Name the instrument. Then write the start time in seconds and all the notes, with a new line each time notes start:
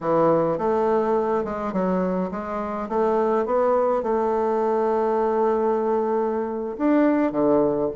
bassoon
0.00 E3
0.58 A3
1.44 G#3
1.72 F#3
2.31 G#3
2.88 A3
3.45 B3
4.02 A3
6.77 D4
7.32 D3